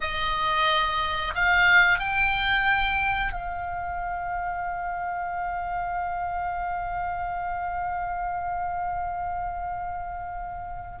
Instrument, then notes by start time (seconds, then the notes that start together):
oboe
0.01 D#5
1.35 F5
1.99 G5
3.32 F5